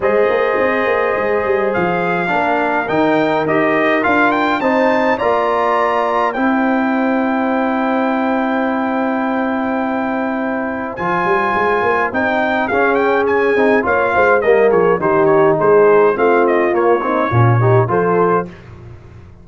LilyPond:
<<
  \new Staff \with { instrumentName = "trumpet" } { \time 4/4 \tempo 4 = 104 dis''2. f''4~ | f''4 g''4 dis''4 f''8 g''8 | a''4 ais''2 g''4~ | g''1~ |
g''2. gis''4~ | gis''4 g''4 f''8 g''8 gis''4 | f''4 dis''8 cis''8 c''8 cis''8 c''4 | f''8 dis''8 cis''2 c''4 | }
  \new Staff \with { instrumentName = "horn" } { \time 4/4 c''1 | ais'1 | c''4 d''2 c''4~ | c''1~ |
c''1~ | c''2 gis'2 | cis''8 c''8 ais'8 gis'8 g'4 gis'4 | f'4. dis'8 f'8 g'8 a'4 | }
  \new Staff \with { instrumentName = "trombone" } { \time 4/4 gis'1 | d'4 dis'4 g'4 f'4 | dis'4 f'2 e'4~ | e'1~ |
e'2. f'4~ | f'4 dis'4 cis'4. dis'8 | f'4 ais4 dis'2 | c'4 ais8 c'8 cis'8 dis'8 f'4 | }
  \new Staff \with { instrumentName = "tuba" } { \time 4/4 gis8 ais8 c'8 ais8 gis8 g8 f4 | ais4 dis4 dis'4 d'4 | c'4 ais2 c'4~ | c'1~ |
c'2. f8 g8 | gis8 ais8 c'4 cis'4. c'8 | ais8 gis8 g8 f8 dis4 gis4 | a4 ais4 ais,4 f4 | }
>>